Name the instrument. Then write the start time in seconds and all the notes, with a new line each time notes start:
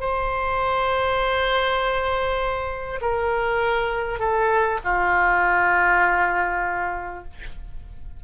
oboe
0.00 C5
3.01 A#4
4.19 A4
4.84 F4